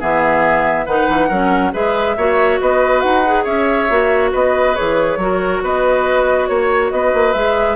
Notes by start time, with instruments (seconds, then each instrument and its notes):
0.00 bassoon E3, clarinet B3, oboe G#4, flute E5
0.86 bassoon D#3, clarinet D#4, oboe B4, flute F#5
1.09 bassoon E3
1.28 bassoon F#3, clarinet C#4, oboe A#4
1.73 bassoon G#3, clarinet G#4, oboe B4, flute E5
2.17 bassoon A#3, clarinet F#4, oboe C#5
2.60 bassoon B3, oboe B4, flute D#5
3.01 bassoon D#4, flute F#5
3.26 clarinet G#4
3.44 bassoon C#4, oboe C#5, flute E5
3.90 bassoon A#3, clarinet F#4
4.32 bassoon B3, oboe B4, flute D#5
4.75 bassoon E3, clarinet G#4, flute C#5
5.17 bassoon F#3, clarinet F#4, oboe A#4
5.63 bassoon B3, oboe B4, flute D#5
6.47 bassoon A#3, flute C#5, oboe C#5
6.91 bassoon B3, oboe B4, flute D#5
7.14 bassoon A#3
7.34 bassoon G#3, clarinet G#4, flute E5